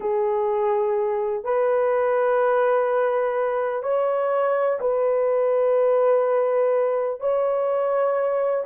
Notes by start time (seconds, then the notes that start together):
0.00 G#4
1.44 B4
3.83 C#5
4.80 B4
7.20 C#5